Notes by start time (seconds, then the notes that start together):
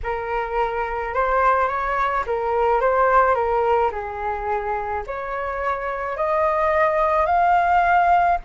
0.03 A#4
1.14 C5
1.68 C#5
2.26 A#4
2.80 C5
3.34 A#4
3.91 G#4
5.06 C#5
6.16 D#5
7.26 F5